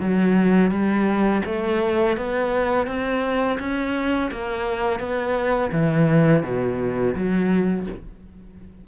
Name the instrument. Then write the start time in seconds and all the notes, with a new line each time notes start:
cello
0.00 F#3
0.71 G3
1.46 A3
2.18 B3
2.88 C4
3.60 C#4
4.32 A#3
5.00 B3
5.72 E3
6.44 B2
7.16 F#3